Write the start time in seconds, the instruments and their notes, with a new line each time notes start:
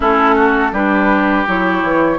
0.00 bassoon A3, clarinet C#4, oboe E4, flute A4
0.35 oboe F#4
0.72 bassoon G3, clarinet D4, oboe G4, flute B4
1.46 bassoon F#3, clarinet E4, flute C#5
1.82 bassoon E3